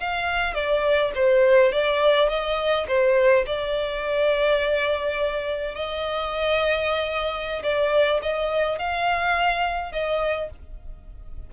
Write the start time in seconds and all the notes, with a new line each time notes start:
0.00 F5
0.54 D5
1.15 C5
1.72 D5
2.29 D#5
2.88 C5
3.46 D5
5.75 D#5
7.63 D5
8.22 D#5
8.78 F5
9.92 D#5